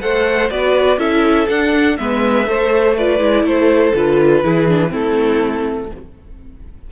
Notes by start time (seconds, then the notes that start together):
0.00 A3 A4 C5 F#5
0.50 B3 F#4 B4 D5
0.97 C#4 E4 A4 E5
1.48 D4 F#5
1.97 G#3 B3 B4 E5
2.46 A3 A4 C5
2.96 F4 B4 D5
3.19 G#3 E4
3.43 A3 A4 C5
3.94 D3 F4 B4
4.43 E3 E4 G#4
4.68 D4
4.89 A3 C4 E4 A4